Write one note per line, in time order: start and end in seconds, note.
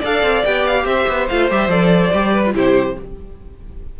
0.00 0.23 D4
0.00 0.44 A4
0.00 0.84 D5
0.00 0.45 F5
0.23 0.44 C4
0.44 0.85 B3
0.44 1.28 G4
0.44 0.66 G5
0.66 0.86 F5
0.85 1.06 C4
0.85 2.33 C5
0.85 1.28 E5
1.09 1.30 B3
1.29 1.51 A3
1.29 1.51 F4
1.29 1.50 F5
1.51 1.68 G3
1.51 1.69 G4
1.51 1.71 E5
1.68 2.10 F3
1.68 2.11 A4
1.68 2.55 D5
2.13 2.54 G3
2.13 2.45 G4
2.33 2.54 B4
2.47 2.54 F4
2.54 2.96 C3
2.54 2.96 E4
2.54 2.97 G4
2.54 3.00 C5